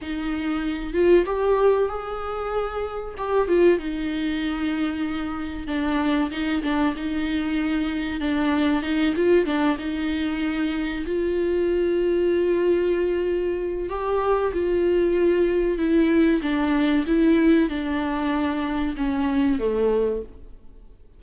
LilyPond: \new Staff \with { instrumentName = "viola" } { \time 4/4 \tempo 4 = 95 dis'4. f'8 g'4 gis'4~ | gis'4 g'8 f'8 dis'2~ | dis'4 d'4 dis'8 d'8 dis'4~ | dis'4 d'4 dis'8 f'8 d'8 dis'8~ |
dis'4. f'2~ f'8~ | f'2 g'4 f'4~ | f'4 e'4 d'4 e'4 | d'2 cis'4 a4 | }